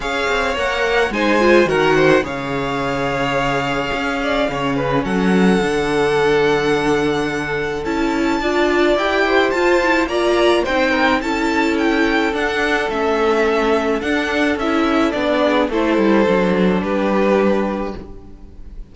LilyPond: <<
  \new Staff \with { instrumentName = "violin" } { \time 4/4 \tempo 4 = 107 f''4 fis''4 gis''4 fis''4 | f''1~ | f''4 fis''2.~ | fis''2 a''2 |
g''4 a''4 ais''4 g''4 | a''4 g''4 fis''4 e''4~ | e''4 fis''4 e''4 d''4 | c''2 b'2 | }
  \new Staff \with { instrumentName = "violin" } { \time 4/4 cis''2 c''4 ais'8 c''8 | cis''2.~ cis''8 d''8 | cis''8 b'8 a'2.~ | a'2. d''4~ |
d''8 c''4. d''4 c''8 ais'8 | a'1~ | a'2.~ a'8 gis'8 | a'2 g'2 | }
  \new Staff \with { instrumentName = "viola" } { \time 4/4 gis'4 ais'4 dis'8 f'8 fis'4 | gis'1 | cis'2 d'2~ | d'2 e'4 f'4 |
g'4 f'8 e'8 f'4 dis'4 | e'2 d'4 cis'4~ | cis'4 d'4 e'4 d'4 | e'4 d'2. | }
  \new Staff \with { instrumentName = "cello" } { \time 4/4 cis'8 c'8 ais4 gis4 dis4 | cis2. cis'4 | cis4 fis4 d2~ | d2 cis'4 d'4 |
e'4 f'4 ais4 c'4 | cis'2 d'4 a4~ | a4 d'4 cis'4 b4 | a8 g8 fis4 g2 | }
>>